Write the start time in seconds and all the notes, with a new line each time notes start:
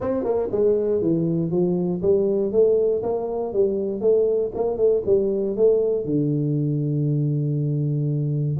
0.00 C4
0.24 A#3
0.51 G#3
1.01 E3
1.50 F3
2.02 G3
2.51 A3
3.03 A#3
3.53 G3
4.01 A3
4.54 A#3
4.77 A3
5.06 G3
5.56 A3
6.05 D3